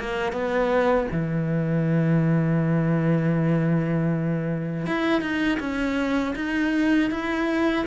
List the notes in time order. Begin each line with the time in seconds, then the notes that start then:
0.00 A#3
0.32 B3
1.12 E3
4.86 E4
5.21 D#4
5.59 C#4
6.36 D#4
7.11 E4